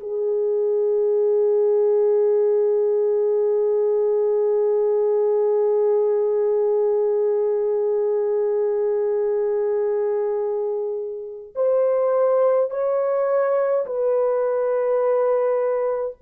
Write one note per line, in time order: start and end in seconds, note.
0.00 11.54 G#4
11.55 12.71 C5
12.71 13.86 C#5
13.86 16.17 B4